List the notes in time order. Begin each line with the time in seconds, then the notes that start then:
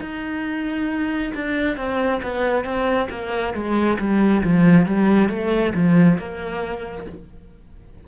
0.00 D#4
1.34 D4
1.76 C4
2.23 B3
2.64 C4
3.10 A#3
3.54 G#3
3.98 G3
4.43 F3
4.85 G3
5.29 A3
5.74 F3
6.18 A#3